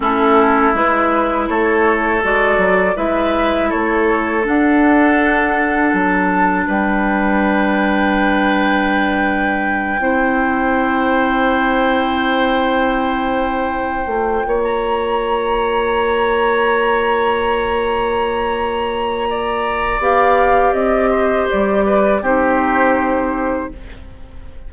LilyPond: <<
  \new Staff \with { instrumentName = "flute" } { \time 4/4 \tempo 4 = 81 a'4 b'4 cis''4 d''4 | e''4 cis''4 fis''2 | a''4 g''2.~ | g''1~ |
g''2.~ g''8. ais''16~ | ais''1~ | ais''2. f''4 | dis''4 d''4 c''2 | }
  \new Staff \with { instrumentName = "oboe" } { \time 4/4 e'2 a'2 | b'4 a'2.~ | a'4 b'2.~ | b'4. c''2~ c''8~ |
c''2.~ c''8 cis''8~ | cis''1~ | cis''2 d''2~ | d''8 c''4 b'8 g'2 | }
  \new Staff \with { instrumentName = "clarinet" } { \time 4/4 cis'4 e'2 fis'4 | e'2 d'2~ | d'1~ | d'4. e'2~ e'8~ |
e'2. f'4~ | f'1~ | f'2. g'4~ | g'2 dis'2 | }
  \new Staff \with { instrumentName = "bassoon" } { \time 4/4 a4 gis4 a4 gis8 fis8 | gis4 a4 d'2 | fis4 g2.~ | g4. c'2~ c'8~ |
c'2. a8 ais8~ | ais1~ | ais2. b4 | c'4 g4 c'2 | }
>>